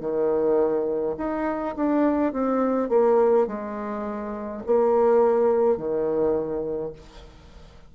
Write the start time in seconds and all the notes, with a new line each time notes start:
0.00 D#3
1.17 D#4
1.75 D4
2.32 C4
2.89 A#3
3.47 G#3
4.66 A#3
5.77 D#3